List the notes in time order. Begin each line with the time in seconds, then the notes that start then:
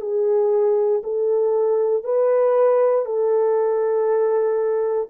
0.00 G#4
1.03 A4
2.03 B4
3.05 A4